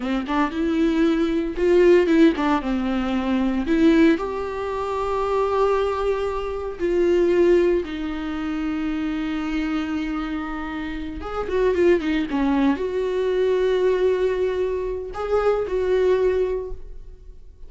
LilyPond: \new Staff \with { instrumentName = "viola" } { \time 4/4 \tempo 4 = 115 c'8 d'8 e'2 f'4 | e'8 d'8 c'2 e'4 | g'1~ | g'4 f'2 dis'4~ |
dis'1~ | dis'4. gis'8 fis'8 f'8 dis'8 cis'8~ | cis'8 fis'2.~ fis'8~ | fis'4 gis'4 fis'2 | }